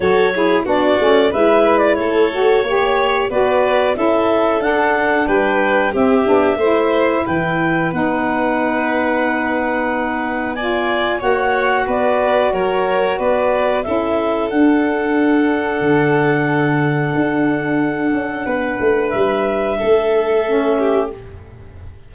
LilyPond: <<
  \new Staff \with { instrumentName = "clarinet" } { \time 4/4 \tempo 4 = 91 cis''4 d''4 e''8. d''16 cis''4~ | cis''4 d''4 e''4 fis''4 | g''4 e''2 g''4 | fis''1 |
gis''4 fis''4 d''4 cis''4 | d''4 e''4 fis''2~ | fis''1~ | fis''4 e''2. | }
  \new Staff \with { instrumentName = "violin" } { \time 4/4 a'8 gis'8 fis'4 b'4 a'4 | cis''4 b'4 a'2 | b'4 g'4 c''4 b'4~ | b'1 |
d''4 cis''4 b'4 ais'4 | b'4 a'2.~ | a'1 | b'2 a'4. g'8 | }
  \new Staff \with { instrumentName = "saxophone" } { \time 4/4 fis'8 e'8 d'8 cis'8 e'4. fis'8 | g'4 fis'4 e'4 d'4~ | d'4 c'8 d'8 e'2 | dis'1 |
f'4 fis'2.~ | fis'4 e'4 d'2~ | d'1~ | d'2. cis'4 | }
  \new Staff \with { instrumentName = "tuba" } { \time 4/4 fis4 b8 a8 gis4 a4 | ais4 b4 cis'4 d'4 | g4 c'8 b8 a4 e4 | b1~ |
b4 ais4 b4 fis4 | b4 cis'4 d'2 | d2 d'4. cis'8 | b8 a8 g4 a2 | }
>>